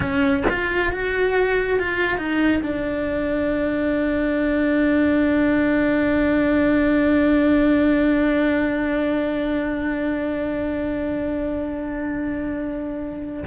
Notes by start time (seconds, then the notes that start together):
0.00 C#4
0.49 F4
0.92 F#4
1.79 F4
2.17 D#4
2.62 D4